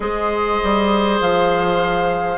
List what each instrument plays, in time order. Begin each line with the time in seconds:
0.00 bassoon G#3, clarinet G#4, oboe C5, flute D#5
0.63 bassoon G3
1.20 bassoon F3, flute F5